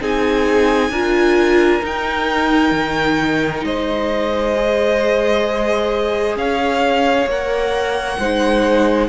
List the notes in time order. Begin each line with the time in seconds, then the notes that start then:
0.00 C4 D#4 G#4 G#5
0.90 D4 F4 A#4
1.82 D#4 G5
2.71 D#3
3.64 G#3 C5 D#5
4.55 G#4
6.36 C#4 C#5 F5
7.26 A#3 A#4 F#5
8.19 G#3 D#4 C5